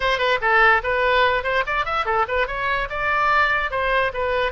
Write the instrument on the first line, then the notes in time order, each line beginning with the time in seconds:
oboe
0.00 C5
0.18 B4
0.41 A4
0.83 B4
1.43 C5
1.66 D5
1.85 E5
2.05 A4
2.28 B4
2.47 C#5
2.89 D5
3.70 C5
4.13 B4